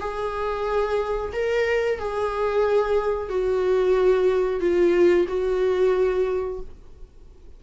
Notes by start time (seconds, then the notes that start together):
0.00 G#4
1.33 A#4
1.99 G#4
3.29 F#4
4.60 F4
5.28 F#4